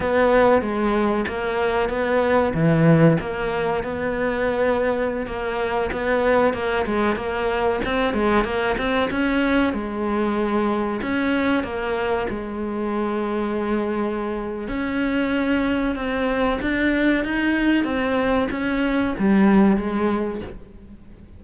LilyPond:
\new Staff \with { instrumentName = "cello" } { \time 4/4 \tempo 4 = 94 b4 gis4 ais4 b4 | e4 ais4 b2~ | b16 ais4 b4 ais8 gis8 ais8.~ | ais16 c'8 gis8 ais8 c'8 cis'4 gis8.~ |
gis4~ gis16 cis'4 ais4 gis8.~ | gis2. cis'4~ | cis'4 c'4 d'4 dis'4 | c'4 cis'4 g4 gis4 | }